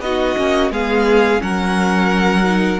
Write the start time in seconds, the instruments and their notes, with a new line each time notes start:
0.00 cello B3, viola D#4, violin F#4 D#5
0.37 cello A#3, viola C#4
0.70 cello G#3, viola B3, violin G#4 F5
1.38 cello F#3, viola C#4, violin A#4 F#5
2.44 viola D#4